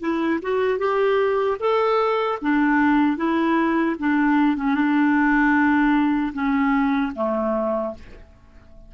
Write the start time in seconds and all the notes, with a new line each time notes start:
0.00 E4
0.42 F#4
0.79 G4
1.60 A4
2.42 D4
3.17 E4
3.99 D4
4.56 C#4
4.74 D4
6.33 C#4
7.15 A3